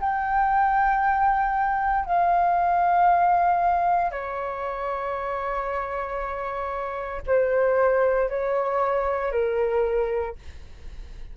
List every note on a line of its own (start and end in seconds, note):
0.00 2.05 G5
2.05 4.11 F5
4.11 7.21 C#5
7.26 8.29 C5
8.29 9.32 C#5
9.32 10.35 A#4